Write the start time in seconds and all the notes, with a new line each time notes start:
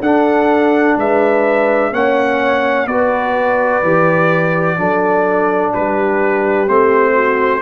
0.00 D4 A4 F#5
0.96 G#3 B4 E5
1.91 A#3 C#4 C#5 F#5
2.86 B3 F#4 B4 D5
3.83 E3 G4
4.77 F#3 D4 A4
5.73 G3 G4 B4
6.67 A3 C4 C5
7.13 F#4